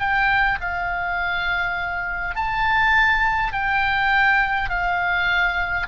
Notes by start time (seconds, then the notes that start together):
0.00 G5
0.60 F5
2.35 A5
3.53 G5
4.70 F5